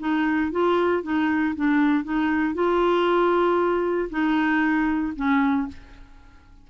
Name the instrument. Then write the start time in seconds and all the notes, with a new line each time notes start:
clarinet
0.00 D#4
0.52 F4
1.03 D#4
1.56 D4
2.04 D#4
2.54 F4
4.10 D#4
5.16 C#4